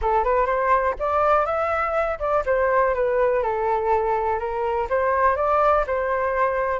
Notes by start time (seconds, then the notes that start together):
0.01 A4
0.24 B4
0.46 C5
0.99 D5
1.45 E5
2.19 D5
2.45 C5
2.94 B4
3.42 A4
4.39 A#4
4.89 C5
5.35 D5
5.87 C5